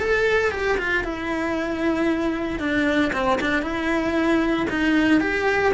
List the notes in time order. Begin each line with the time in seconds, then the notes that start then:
0.00 A4
0.52 G4
0.78 F4
1.05 E4
2.60 D4
3.13 C4
3.41 D4
3.62 E4
4.70 D#4
5.21 G4